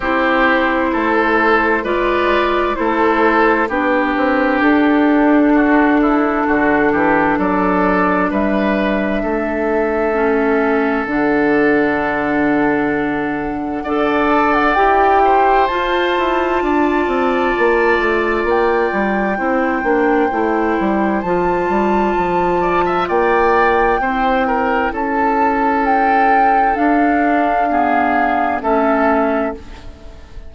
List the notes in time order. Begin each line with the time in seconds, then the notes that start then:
0.00 C4 E4 G4 C5
0.92 A3 A4
1.83 G#3 F4 B4 D5
2.74 A3 E4 A4 C5
3.68 B3 D4 G4 B4
4.16 C4
4.60 D4 A4
5.54 F#4
6.01 E4
6.46 D3 F#4
6.92 E3 G4
7.38 F#3 A4 D5
8.30 G3 B4 E5
9.22 A3 A4
10.13 C#4
11.05 D3 D4 F#5
13.83 D4 A4 D5
14.29 A5
14.52 F#5
14.74 E4 G4 G5
15.24 C5
15.67 F4 A5
16.17 E4
16.62 D4 D5
17.07 C4
17.58 A#3
17.98 A3
18.44 A#3 G5
18.92 G3
19.37 C4 E4 C5
19.82 A#3 D4
20.31 A3 E4
20.79 G3
21.21 F3 F4 A5
21.69 G3
22.16 F3
22.61 D5
22.85 E5
23.08 A#3 D5 G5
23.99 C4 E4 C5
24.47 A#4
24.92 C#4 A4 A5
25.85 G5
26.74 D4 F5
27.70 B3 G#4
28.61 A3 C#4 A4 E5